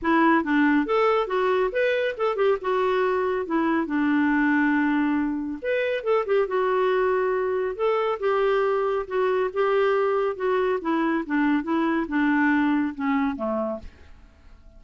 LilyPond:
\new Staff \with { instrumentName = "clarinet" } { \time 4/4 \tempo 4 = 139 e'4 d'4 a'4 fis'4 | b'4 a'8 g'8 fis'2 | e'4 d'2.~ | d'4 b'4 a'8 g'8 fis'4~ |
fis'2 a'4 g'4~ | g'4 fis'4 g'2 | fis'4 e'4 d'4 e'4 | d'2 cis'4 a4 | }